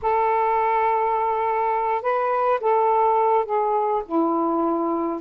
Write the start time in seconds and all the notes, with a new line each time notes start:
0.02 A4
2.01 B4
2.60 A4
3.45 G#4
4.05 E4